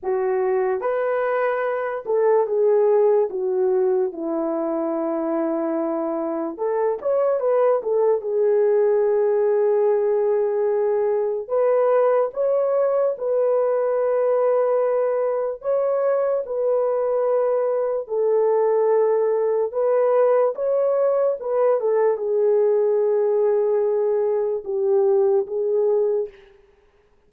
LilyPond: \new Staff \with { instrumentName = "horn" } { \time 4/4 \tempo 4 = 73 fis'4 b'4. a'8 gis'4 | fis'4 e'2. | a'8 cis''8 b'8 a'8 gis'2~ | gis'2 b'4 cis''4 |
b'2. cis''4 | b'2 a'2 | b'4 cis''4 b'8 a'8 gis'4~ | gis'2 g'4 gis'4 | }